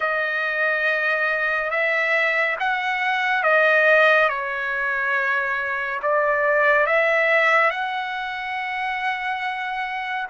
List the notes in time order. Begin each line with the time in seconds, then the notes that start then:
0.00 D#5
1.70 E5
2.59 F#5
3.43 D#5
4.29 C#5
6.02 D5
6.86 E5
7.70 F#5